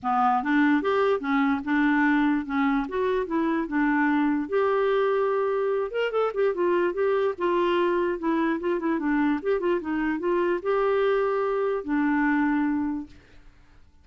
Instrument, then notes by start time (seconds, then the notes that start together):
clarinet
0.02 B3
0.43 D4
0.82 G4
1.20 C#4
1.64 D4
2.45 C#4
2.88 F#4
3.26 E4
3.67 D4
4.48 G4
5.91 A#4
6.11 A4
6.34 G4
6.54 F4
6.93 G4
7.37 F4
8.18 E4
8.60 F4
8.79 E4
8.99 D4
9.42 G4
9.60 F4
9.80 D#4
10.19 F4
10.62 G4
11.83 D4